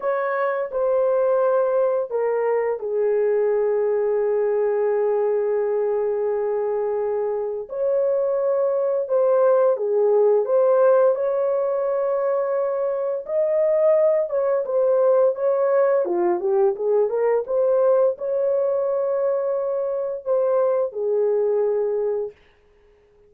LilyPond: \new Staff \with { instrumentName = "horn" } { \time 4/4 \tempo 4 = 86 cis''4 c''2 ais'4 | gis'1~ | gis'2. cis''4~ | cis''4 c''4 gis'4 c''4 |
cis''2. dis''4~ | dis''8 cis''8 c''4 cis''4 f'8 g'8 | gis'8 ais'8 c''4 cis''2~ | cis''4 c''4 gis'2 | }